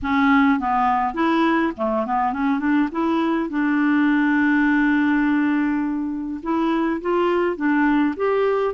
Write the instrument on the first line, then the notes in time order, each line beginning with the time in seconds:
clarinet
0.02 C#4
0.59 B3
1.14 E4
1.77 A3
2.06 B3
2.32 C#4
2.59 D4
2.91 E4
3.49 D4
6.42 E4
7.01 F4
7.56 D4
8.16 G4